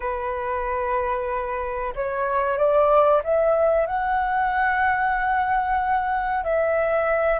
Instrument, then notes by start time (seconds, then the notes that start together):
flute
0.00 B4
1.95 C#5
2.57 D5
3.23 E5
3.86 F#5
6.43 E5